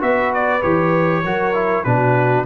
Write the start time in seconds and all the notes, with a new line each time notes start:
0.00 B3 F#4 B4 E5
0.34 D5
0.62 E3 G4 C#5
1.24 F#3 F#4 A#4
1.54 E4
1.84 B2 D4 F#4 B4